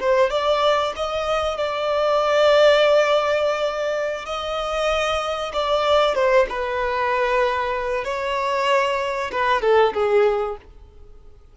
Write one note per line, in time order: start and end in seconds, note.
0.00 0.30 C5
0.30 0.93 D5
0.96 1.57 D#5
1.57 4.25 D5
4.26 5.52 D#5
5.53 6.15 D5
6.15 6.47 C5
6.49 8.04 B4
8.04 9.31 C#5
9.31 9.62 B4
9.62 9.93 A4
9.94 10.57 G#4